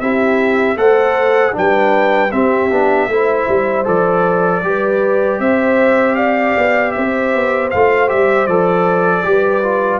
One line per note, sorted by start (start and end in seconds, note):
0.00 0.75 C4
0.00 0.77 E4
0.00 0.78 G4
0.00 0.77 E5
0.75 1.52 A3
0.75 1.52 A4
0.75 1.55 C5
0.75 1.54 F#5
1.52 2.32 G3
1.52 2.29 D4
1.52 2.33 B4
1.52 2.31 G5
2.31 2.70 C4
2.31 2.71 C4
2.31 3.09 G4
2.31 3.85 E5
2.71 3.08 B3
2.71 3.09 D4
3.08 3.46 A3
3.08 3.84 E4
3.08 4.64 C5
3.48 3.86 G3
3.84 4.62 F3
3.84 4.61 A4
3.84 5.40 D5
4.62 5.39 G3
4.62 7.71 G4
4.62 5.40 B4
5.39 6.55 C4
5.39 6.16 C5
5.39 6.15 E5
6.15 6.93 D5
6.15 6.91 F5
6.57 6.96 B3
6.91 7.35 C4
6.91 9.25 C5
6.91 7.68 E5
7.35 7.73 B3
7.70 8.12 A3
7.70 8.08 F4
7.70 8.08 F5
8.08 8.47 G3
8.08 8.47 G4
8.08 8.46 E5
8.46 9.24 F3
8.46 9.23 A4
8.46 10.00 D5
9.23 10.00 G3
9.23 9.62 G4
9.23 10.00 B4
9.63 10.00 F4